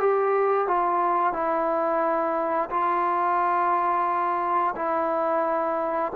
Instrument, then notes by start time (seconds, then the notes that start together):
trombone
0.00 G4
0.68 F4
1.33 E4
2.70 F4
4.76 E4